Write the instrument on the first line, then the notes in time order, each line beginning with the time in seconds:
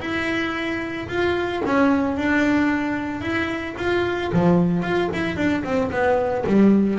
double bass
0.00 E4
1.08 F4
1.65 C#4
2.16 D4
3.21 E4
3.77 F4
4.32 F3
4.82 F4
5.13 E4
5.36 D4
5.64 C4
5.91 B3
6.46 G3